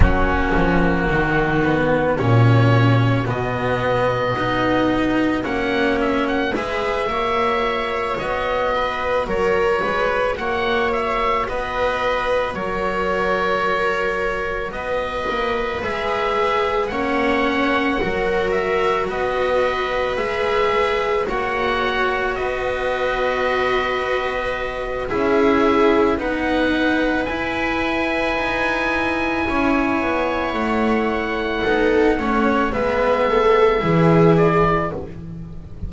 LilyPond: <<
  \new Staff \with { instrumentName = "oboe" } { \time 4/4 \tempo 4 = 55 fis'2 cis''4 dis''4~ | dis''4 fis''8 e''16 fis''16 e''4. dis''8~ | dis''8 cis''4 fis''8 e''8 dis''4 cis''8~ | cis''4. dis''4 e''4 fis''8~ |
fis''4 e''8 dis''4 e''4 fis''8~ | fis''8 dis''2~ dis''8 e''4 | fis''4 gis''2. | fis''2 e''4. d''8 | }
  \new Staff \with { instrumentName = "viola" } { \time 4/4 cis'4 dis'4 fis'2~ | fis'2 b'8 cis''4. | b'8 ais'8 b'8 cis''4 b'4 ais'8~ | ais'4. b'2 cis''8~ |
cis''8 ais'4 b'2 cis''8~ | cis''8 b'2~ b'8 gis'4 | b'2. cis''4~ | cis''4 a'8 cis''8 b'8 a'8 gis'4 | }
  \new Staff \with { instrumentName = "cello" } { \time 4/4 ais4. b8 cis'4 b4 | dis'4 cis'4 gis'8 fis'4.~ | fis'1~ | fis'2~ fis'8 gis'4 cis'8~ |
cis'8 fis'2 gis'4 fis'8~ | fis'2. e'4 | dis'4 e'2.~ | e'4 dis'8 cis'8 b4 e'4 | }
  \new Staff \with { instrumentName = "double bass" } { \time 4/4 fis8 f8 dis4 ais,4 b,4 | b4 ais4 gis8 ais4 b8~ | b8 fis8 gis8 ais4 b4 fis8~ | fis4. b8 ais8 gis4 ais8~ |
ais8 fis4 b4 gis4 ais8~ | ais8 b2~ b8 cis'4 | b4 e'4 dis'4 cis'8 b8 | a4 b8 a8 gis4 e4 | }
>>